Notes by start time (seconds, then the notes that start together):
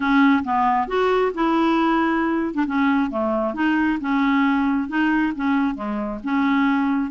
0.00 C#4
0.44 B3
0.87 F#4
1.34 E4
2.54 D4
2.66 C#4
3.10 A3
3.54 D#4
4.00 C#4
4.88 D#4
5.35 C#4
5.75 G#3
6.23 C#4